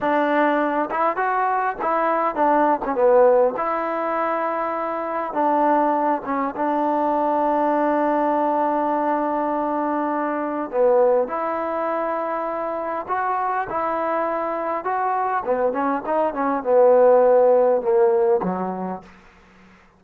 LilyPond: \new Staff \with { instrumentName = "trombone" } { \time 4/4 \tempo 4 = 101 d'4. e'8 fis'4 e'4 | d'8. cis'16 b4 e'2~ | e'4 d'4. cis'8 d'4~ | d'1~ |
d'2 b4 e'4~ | e'2 fis'4 e'4~ | e'4 fis'4 b8 cis'8 dis'8 cis'8 | b2 ais4 fis4 | }